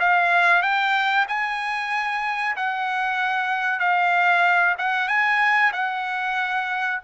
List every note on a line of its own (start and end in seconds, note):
0.00 0.62 F5
0.62 1.26 G5
1.29 2.56 G#5
2.56 3.80 F#5
3.80 4.76 F5
4.79 5.08 F#5
5.08 5.72 G#5
5.73 7.00 F#5